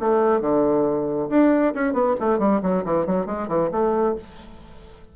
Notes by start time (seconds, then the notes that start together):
0.00 A3
0.42 D3
1.30 D4
1.75 C#4
1.94 B3
2.20 A3
2.39 G3
2.63 F#3
2.85 E3
3.07 F#3
3.26 G#3
3.49 E3
3.72 A3